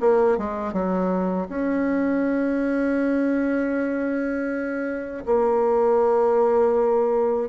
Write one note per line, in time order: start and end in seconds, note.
0.00 0.38 A#3
0.38 0.73 G#3
0.73 1.48 F#3
1.49 5.24 C#4
5.26 7.49 A#3